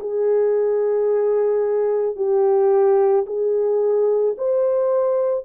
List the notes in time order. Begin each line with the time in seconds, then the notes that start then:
0.00 G#4
2.16 G4
3.26 G#4
4.38 C5